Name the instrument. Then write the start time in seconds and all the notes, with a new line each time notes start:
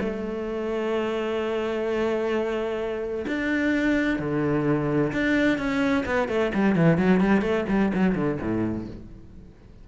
cello
0.00 A3
3.27 D4
4.19 D3
5.12 D4
5.58 C#4
6.05 B3
6.28 A3
6.54 G3
6.75 E3
6.97 F#3
7.20 G3
7.41 A3
7.69 G3
7.94 F#3
8.15 D3
8.41 A2